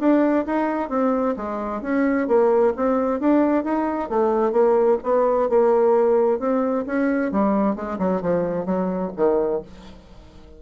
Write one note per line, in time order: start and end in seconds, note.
0.00 0.46 D4
0.47 0.90 D#4
0.90 1.36 C4
1.37 1.82 G#3
1.82 2.28 C#4
2.28 2.74 A#3
2.77 3.20 C4
3.20 3.64 D4
3.64 4.10 D#4
4.10 4.53 A3
4.53 4.98 A#3
5.04 5.50 B3
5.50 6.40 A#3
6.40 6.86 C4
6.87 7.32 C#4
7.32 7.76 G3
7.76 7.99 G#3
7.99 8.22 F#3
8.22 8.66 F3
8.66 9.12 F#3
9.17 9.63 D#3